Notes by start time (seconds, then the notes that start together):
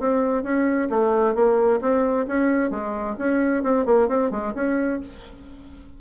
0.00 C4
0.44 C#4
0.90 A3
1.35 A#3
1.81 C4
2.27 C#4
2.71 G#3
3.19 C#4
3.63 C4
3.86 A#3
4.08 C4
4.31 G#3
4.55 C#4